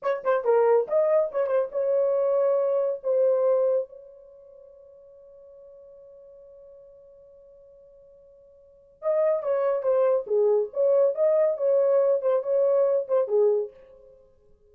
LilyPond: \new Staff \with { instrumentName = "horn" } { \time 4/4 \tempo 4 = 140 cis''8 c''8 ais'4 dis''4 cis''8 c''8 | cis''2. c''4~ | c''4 cis''2.~ | cis''1~ |
cis''1~ | cis''4 dis''4 cis''4 c''4 | gis'4 cis''4 dis''4 cis''4~ | cis''8 c''8 cis''4. c''8 gis'4 | }